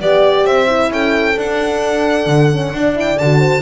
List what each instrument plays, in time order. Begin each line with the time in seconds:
0.00 double bass B3, horn G4 D5, violin D5
0.45 double bass C4, horn C5, violin E5
0.67 horn E4
0.91 double bass C#4, horn A4, violin G5
1.37 double bass D4, horn D4, violin F#5
2.27 double bass D3
2.52 horn C#4
2.73 double bass D4, horn D4 D5
2.95 horn E4, violin G5
3.18 double bass D3, horn F#4, violin A5
3.39 horn C5